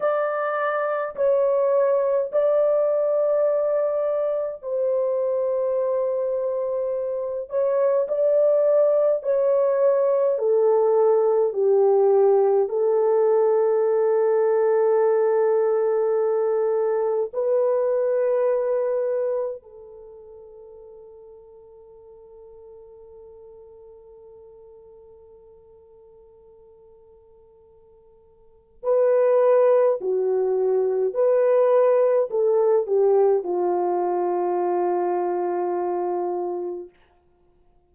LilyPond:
\new Staff \with { instrumentName = "horn" } { \time 4/4 \tempo 4 = 52 d''4 cis''4 d''2 | c''2~ c''8 cis''8 d''4 | cis''4 a'4 g'4 a'4~ | a'2. b'4~ |
b'4 a'2.~ | a'1~ | a'4 b'4 fis'4 b'4 | a'8 g'8 f'2. | }